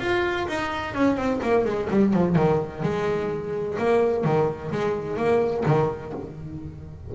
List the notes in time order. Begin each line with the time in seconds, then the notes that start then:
0.00 F4
0.48 D#4
0.94 C#4
1.17 C4
1.43 A#3
1.65 G#3
1.90 G3
2.14 F3
2.36 D#3
2.83 G#3
3.79 A#3
4.25 D#3
4.72 G#3
5.17 A#3
5.66 D#3